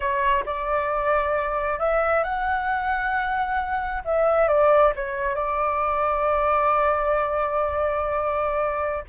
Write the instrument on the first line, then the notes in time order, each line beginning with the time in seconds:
flute
0.00 C#5
0.45 D5
1.79 E5
2.23 F#5
4.04 E5
4.48 D5
4.95 C#5
5.35 D5